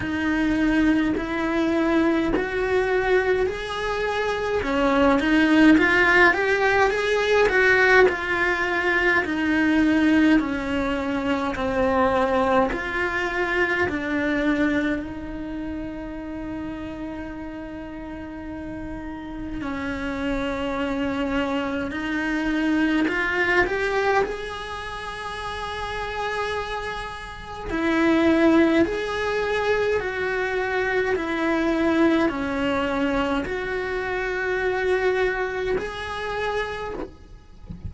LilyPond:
\new Staff \with { instrumentName = "cello" } { \time 4/4 \tempo 4 = 52 dis'4 e'4 fis'4 gis'4 | cis'8 dis'8 f'8 g'8 gis'8 fis'8 f'4 | dis'4 cis'4 c'4 f'4 | d'4 dis'2.~ |
dis'4 cis'2 dis'4 | f'8 g'8 gis'2. | e'4 gis'4 fis'4 e'4 | cis'4 fis'2 gis'4 | }